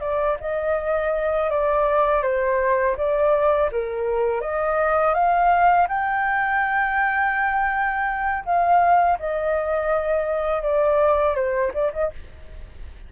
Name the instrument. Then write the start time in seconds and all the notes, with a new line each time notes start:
flute
0.00 D5
0.40 D#5
1.50 D5
2.22 C5
2.97 D5
3.72 A#4
4.41 D#5
5.14 F5
5.88 G5
8.45 F5
9.19 D#5
10.62 D5
11.35 C5
11.73 D5
11.93 D#5